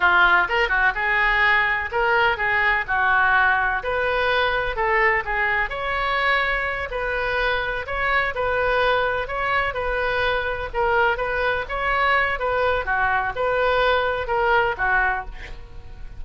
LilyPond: \new Staff \with { instrumentName = "oboe" } { \time 4/4 \tempo 4 = 126 f'4 ais'8 fis'8 gis'2 | ais'4 gis'4 fis'2 | b'2 a'4 gis'4 | cis''2~ cis''8 b'4.~ |
b'8 cis''4 b'2 cis''8~ | cis''8 b'2 ais'4 b'8~ | b'8 cis''4. b'4 fis'4 | b'2 ais'4 fis'4 | }